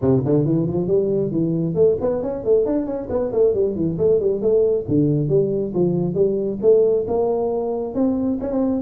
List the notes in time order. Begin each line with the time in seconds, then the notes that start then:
0.01 C3
0.25 D3
0.45 E3
0.66 F3
0.87 G3
1.31 E3
1.74 A3
2.01 B3
2.22 C#4
2.44 A3
2.65 D4
2.86 C#4
3.09 B3
3.32 A3
3.53 G3
3.75 E3
3.97 A3
4.20 G3
4.41 A3
4.87 D3
5.29 G3
5.74 F3
6.14 G3
6.61 A3
7.07 A#3
7.94 C4
8.40 C#4
8.51 C4